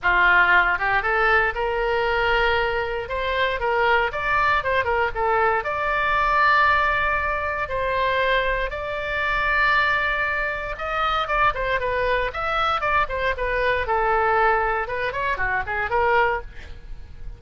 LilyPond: \new Staff \with { instrumentName = "oboe" } { \time 4/4 \tempo 4 = 117 f'4. g'8 a'4 ais'4~ | ais'2 c''4 ais'4 | d''4 c''8 ais'8 a'4 d''4~ | d''2. c''4~ |
c''4 d''2.~ | d''4 dis''4 d''8 c''8 b'4 | e''4 d''8 c''8 b'4 a'4~ | a'4 b'8 cis''8 fis'8 gis'8 ais'4 | }